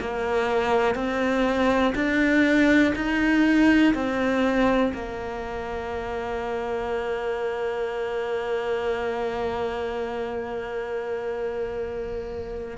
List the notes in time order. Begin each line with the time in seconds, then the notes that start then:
0.00 A#3
0.95 C4
1.95 D4
2.96 D#4
3.94 C4
4.93 A#3